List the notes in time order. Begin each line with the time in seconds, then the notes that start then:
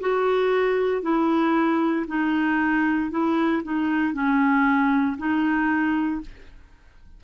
0.00 F#4
1.02 E4
2.07 D#4
3.11 E4
3.63 D#4
4.13 C#4
5.18 D#4